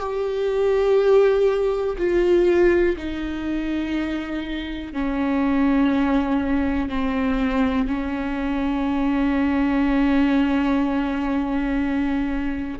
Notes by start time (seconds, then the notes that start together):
0.00 G4
1.98 F4
2.97 D#4
4.93 C#4
6.89 C4
7.87 C#4